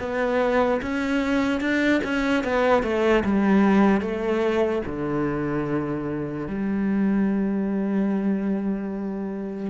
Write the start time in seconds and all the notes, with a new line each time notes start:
0.00 B3
0.82 C#4
1.61 D4
2.04 C#4
2.44 B3
2.83 A3
3.25 G3
4.02 A3
4.86 D3
6.48 G3